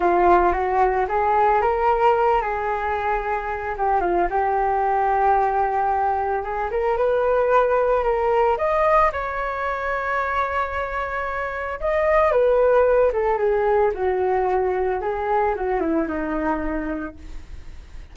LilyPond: \new Staff \with { instrumentName = "flute" } { \time 4/4 \tempo 4 = 112 f'4 fis'4 gis'4 ais'4~ | ais'8 gis'2~ gis'8 g'8 f'8 | g'1 | gis'8 ais'8 b'2 ais'4 |
dis''4 cis''2.~ | cis''2 dis''4 b'4~ | b'8 a'8 gis'4 fis'2 | gis'4 fis'8 e'8 dis'2 | }